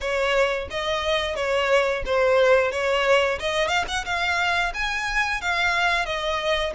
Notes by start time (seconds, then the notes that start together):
0.01 C#5
0.70 D#5
1.35 C#5
2.05 C5
2.71 C#5
3.39 D#5
3.68 F5
3.88 F#5
4.05 F5
4.74 G#5
5.41 F5
6.05 D#5